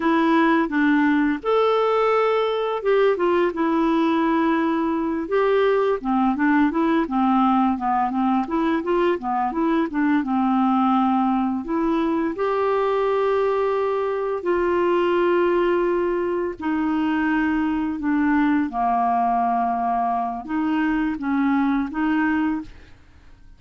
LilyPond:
\new Staff \with { instrumentName = "clarinet" } { \time 4/4 \tempo 4 = 85 e'4 d'4 a'2 | g'8 f'8 e'2~ e'8 g'8~ | g'8 c'8 d'8 e'8 c'4 b8 c'8 | e'8 f'8 b8 e'8 d'8 c'4.~ |
c'8 e'4 g'2~ g'8~ | g'8 f'2. dis'8~ | dis'4. d'4 ais4.~ | ais4 dis'4 cis'4 dis'4 | }